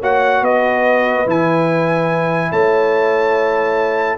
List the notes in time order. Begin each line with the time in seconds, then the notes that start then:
0.00 A#3 F#4 C#5 F#5
0.42 B3 B4 D#5
1.26 E3 E4 G#5
2.51 A3 C#5 A5